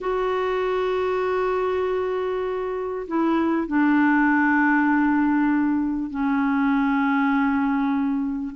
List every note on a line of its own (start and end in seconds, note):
0.00 3.06 F#4
3.08 3.67 E4
3.67 6.10 D4
6.10 8.55 C#4